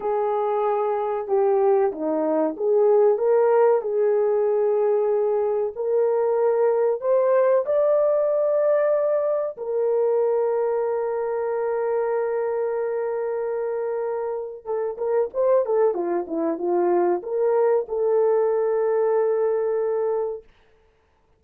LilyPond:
\new Staff \with { instrumentName = "horn" } { \time 4/4 \tempo 4 = 94 gis'2 g'4 dis'4 | gis'4 ais'4 gis'2~ | gis'4 ais'2 c''4 | d''2. ais'4~ |
ais'1~ | ais'2. a'8 ais'8 | c''8 a'8 f'8 e'8 f'4 ais'4 | a'1 | }